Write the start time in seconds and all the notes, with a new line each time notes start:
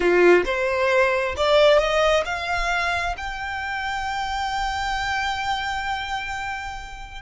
0.00 F4
0.45 C5
1.36 D5
1.78 D#5
2.25 F5
3.17 G5